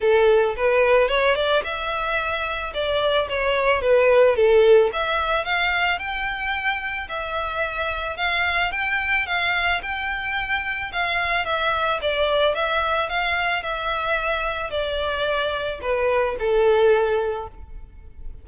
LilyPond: \new Staff \with { instrumentName = "violin" } { \time 4/4 \tempo 4 = 110 a'4 b'4 cis''8 d''8 e''4~ | e''4 d''4 cis''4 b'4 | a'4 e''4 f''4 g''4~ | g''4 e''2 f''4 |
g''4 f''4 g''2 | f''4 e''4 d''4 e''4 | f''4 e''2 d''4~ | d''4 b'4 a'2 | }